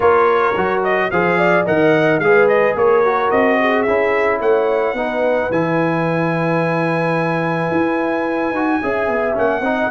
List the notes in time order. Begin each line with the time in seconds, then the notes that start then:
0.00 A#3 F4 A#4 C#5
0.56 F#3 F#4
0.83 D#5
1.11 F3 G#4 C5 F5
1.37 D5
1.65 D#3 A#4 D#5 F#5
2.18 G#3 G#4 F5
2.25 B4
2.48 D#5
2.75 A#3 A#4 C#5
3.05 F#4
3.30 C4 D#5
3.60 G#4
3.82 C#4 E4 E5
4.40 A3 C#5 F#5
4.93 B3 D#4 B4
5.50 E3 E4 G#5
7.71 E4
8.51 D#4 F#4
8.81 C#4 G#4 E5
9.07 B3
9.34 A#3 C#4 F#5
9.60 C4 D#4 D#5